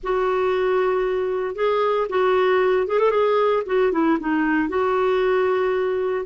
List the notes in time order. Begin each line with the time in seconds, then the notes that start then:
0.03 F#4
1.55 G#4
2.09 F#4
2.87 G#4
2.99 A4
3.10 G#4
3.65 F#4
3.91 E4
4.20 D#4
4.69 F#4